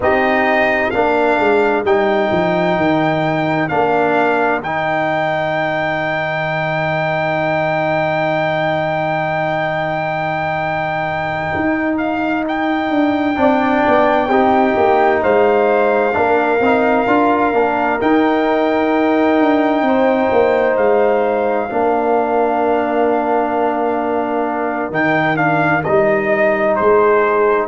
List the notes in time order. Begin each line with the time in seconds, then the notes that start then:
0.00 C4 D#4 G4 D#5
0.90 A#3 D4 A#4 F5
1.39 G#3
1.83 G3 D#4 G5
2.31 F3
2.76 D#3
3.68 A#3 D4 F5
4.60 D#3 D#4 G5
11.55 D#4
11.97 F5
12.48 G5
12.90 D4
13.36 C4 D4 D5
13.87 B3
14.29 C4 D#4 G4
14.76 A#3
15.22 G#3 C5 F5
16.12 A#3 D4 A#4
16.60 C4 D#4
17.07 D4 F4
17.52 A#3 D4
18.00 D#4 G5
19.40 D4
19.82 C4 C5
20.32 A#3
20.76 G#3 F5
21.69 A#3 D4 A#4
24.90 D#3 D#4 G5
25.36 D4 F5
25.83 G3 D#4 D#5
26.75 G#3 G#4 C5